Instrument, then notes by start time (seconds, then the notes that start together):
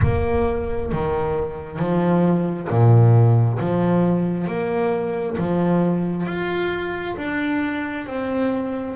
double bass
0.02 A#3
0.92 D#3
1.79 F3
2.69 A#2
3.59 F3
4.47 A#3
5.37 F3
6.26 F4
7.16 D4
8.06 C4